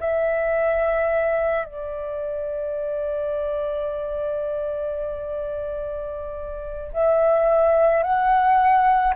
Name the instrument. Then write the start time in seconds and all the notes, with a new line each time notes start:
flute
0.00 E5
1.65 D5
6.93 E5
8.03 F#5